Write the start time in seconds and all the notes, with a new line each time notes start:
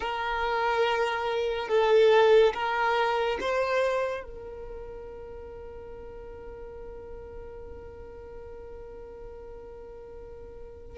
0.00 A#4
1.68 A4
2.54 A#4
3.40 C5
4.23 A#4